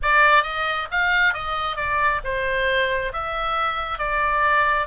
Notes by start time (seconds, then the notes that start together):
0.02 D5
0.43 D#5
0.91 F5
1.33 D#5
1.76 D5
2.23 C5
3.12 E5
3.98 D5